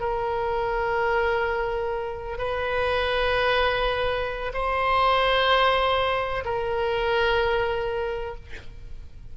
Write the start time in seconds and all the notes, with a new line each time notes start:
0.00 A#4
2.38 B4
4.53 C5
6.45 A#4